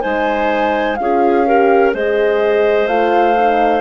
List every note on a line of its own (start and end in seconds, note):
0.00 0.99 G#3
0.00 0.96 D#4
0.00 0.96 C5
0.00 0.95 G#5
0.95 1.93 C#4
0.95 1.46 F4
0.95 1.47 G#4
0.95 1.90 F5
1.46 1.93 G4
1.46 1.94 A#4
1.93 2.86 G#3
1.93 2.88 G#4
1.93 3.80 C5
1.93 2.87 D#5
2.86 3.80 A3
2.86 3.36 F4
2.86 3.80 F5
3.37 3.80 D#4